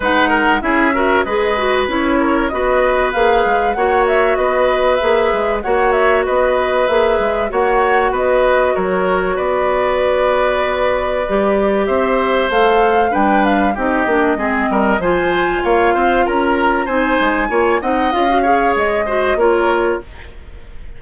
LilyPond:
<<
  \new Staff \with { instrumentName = "flute" } { \time 4/4 \tempo 4 = 96 fis''4 e''4 dis''4 cis''4 | dis''4 f''4 fis''8 e''8 dis''4 | e''4 fis''8 e''8 dis''4 e''4 | fis''4 dis''4 cis''4 d''4~ |
d''2. e''4 | f''4 g''8 f''8 dis''2 | gis''4 f''4 ais''4 gis''4~ | gis''8 fis''8 f''4 dis''4 cis''4 | }
  \new Staff \with { instrumentName = "oboe" } { \time 4/4 b'8 ais'8 gis'8 ais'8 b'4. ais'8 | b'2 cis''4 b'4~ | b'4 cis''4 b'2 | cis''4 b'4 ais'4 b'4~ |
b'2. c''4~ | c''4 b'4 g'4 gis'8 ais'8 | c''4 cis''8 c''8 ais'4 c''4 | cis''8 dis''4 cis''4 c''8 ais'4 | }
  \new Staff \with { instrumentName = "clarinet" } { \time 4/4 dis'4 e'8 fis'8 gis'8 fis'8 e'4 | fis'4 gis'4 fis'2 | gis'4 fis'2 gis'4 | fis'1~ |
fis'2 g'2 | a'4 d'4 dis'8 d'8 c'4 | f'2. dis'4 | f'8 dis'8 f'16 fis'16 gis'4 fis'8 f'4 | }
  \new Staff \with { instrumentName = "bassoon" } { \time 4/4 gis4 cis'4 gis4 cis'4 | b4 ais8 gis8 ais4 b4 | ais8 gis8 ais4 b4 ais8 gis8 | ais4 b4 fis4 b4~ |
b2 g4 c'4 | a4 g4 c'8 ais8 gis8 g8 | f4 ais8 c'8 cis'4 c'8 gis8 | ais8 c'8 cis'4 gis4 ais4 | }
>>